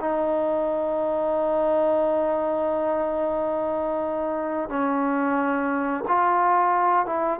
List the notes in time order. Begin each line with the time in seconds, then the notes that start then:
0.00 D#4
4.69 C#4
6.08 F4
7.06 E4